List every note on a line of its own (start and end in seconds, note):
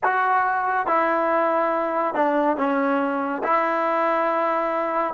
0.04 0.86 F#4
0.86 2.14 E4
2.14 2.56 D4
2.56 3.42 C#4
3.43 5.14 E4